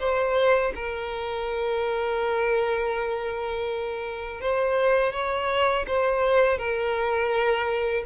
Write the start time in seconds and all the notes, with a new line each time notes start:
0.00 C5
0.75 A#4
4.41 C5
5.13 C#5
5.87 C5
6.58 A#4